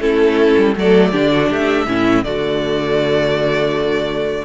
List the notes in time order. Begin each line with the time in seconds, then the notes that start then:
0.00 A3 C#4 E4 A4
0.58 G3
0.77 F#3 A3 A4 D5
1.12 D3 D4 G4
1.32 F#4
1.50 A3 G4 E5
1.87 A2 C#4 E4
2.24 D3 A3 F#4 D5